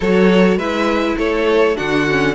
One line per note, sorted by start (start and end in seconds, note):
0.00 0.56 F#3
0.00 0.60 F#4
0.00 0.57 A4
0.00 0.58 C#5
0.56 1.15 G#3
0.56 1.76 E4
0.56 1.16 B4
0.56 1.17 E5
1.17 1.76 A3
1.17 1.76 A4
1.17 1.77 C#5
1.76 2.34 D3
1.76 2.05 D4
1.76 2.34 F#4
1.76 2.34 F#5
2.09 2.34 C#4